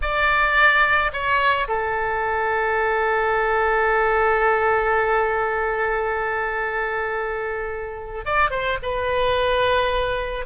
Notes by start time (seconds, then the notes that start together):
0.01 D5
1.12 C#5
1.67 A4
8.25 D5
8.50 C5
8.82 B4